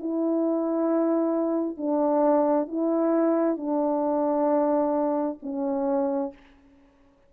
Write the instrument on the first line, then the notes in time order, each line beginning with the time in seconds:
horn
0.00 E4
1.77 D4
2.68 E4
3.57 D4
5.43 C#4